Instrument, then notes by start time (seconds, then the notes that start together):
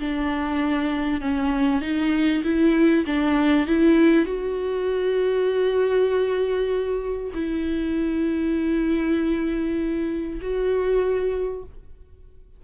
viola
0.00 D4
1.21 C#4
1.82 D#4
2.44 E4
3.06 D4
3.67 E4
4.26 F#4
7.34 E4
10.41 F#4